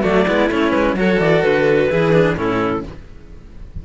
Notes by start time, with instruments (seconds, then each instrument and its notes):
0.00 cello F#3 A3, violin F#4, clarinet D5
0.27 cello G#3 B3, violin E4
0.49 cello A3 C#4, clarinet C#5
0.71 cello G#3, clarinet B4
0.94 cello F#3 F#4, violin A4, clarinet C#5
1.19 cello E3, clarinet D5
1.42 cello D3, clarinet B4
1.89 cello E3 E4, violin G#4
2.13 cello D4
2.35 cello A2 C#4, violin E4, clarinet A4